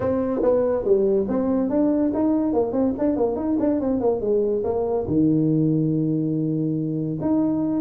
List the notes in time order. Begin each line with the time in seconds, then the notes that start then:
0.00 C4
0.42 B3
0.84 G3
1.28 C4
1.69 D4
2.13 D#4
2.53 A#3
2.72 C4
2.98 D4
3.16 A#3
3.36 D#4
3.59 D4
3.80 C4
4.00 A#3
4.21 G#3
4.64 A#3
5.07 D#3
7.21 D#4